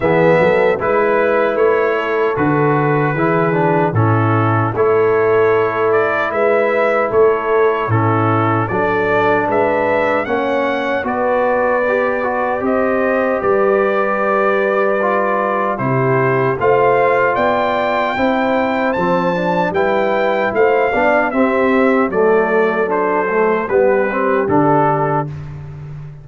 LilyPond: <<
  \new Staff \with { instrumentName = "trumpet" } { \time 4/4 \tempo 4 = 76 e''4 b'4 cis''4 b'4~ | b'4 a'4 cis''4. d''8 | e''4 cis''4 a'4 d''4 | e''4 fis''4 d''2 |
dis''4 d''2. | c''4 f''4 g''2 | a''4 g''4 f''4 e''4 | d''4 c''4 b'4 a'4 | }
  \new Staff \with { instrumentName = "horn" } { \time 4/4 gis'8 a'8 b'4. a'4. | gis'4 e'4 a'2 | b'4 a'4 e'4 a'4 | b'4 cis''4 b'2 |
c''4 b'2. | g'4 c''4 d''4 c''4~ | c''4 b'4 c''8 d''8 g'4 | a'2 g'2 | }
  \new Staff \with { instrumentName = "trombone" } { \time 4/4 b4 e'2 fis'4 | e'8 d'8 cis'4 e'2~ | e'2 cis'4 d'4~ | d'4 cis'4 fis'4 g'8 fis'8 |
g'2. f'4 | e'4 f'2 e'4 | c'8 d'8 e'4. d'8 c'4 | a4 d'8 a8 b8 c'8 d'4 | }
  \new Staff \with { instrumentName = "tuba" } { \time 4/4 e8 fis8 gis4 a4 d4 | e4 a,4 a2 | gis4 a4 a,4 fis4 | gis4 ais4 b2 |
c'4 g2. | c4 a4 b4 c'4 | f4 g4 a8 b8 c'4 | fis2 g4 d4 | }
>>